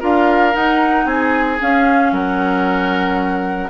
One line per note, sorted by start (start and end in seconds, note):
0.00 0.55 D4
0.00 0.53 F4
0.00 1.05 A#4
0.00 0.56 F5
0.53 1.58 D#4
0.53 1.06 D#4
0.53 1.07 F#5
1.06 1.58 C4
1.06 2.12 G#4
1.06 1.60 G#5
1.60 3.70 C#4
1.60 2.12 C#4
1.60 2.14 F5
2.12 3.70 F#3
2.12 3.70 A#4
2.12 3.70 F#5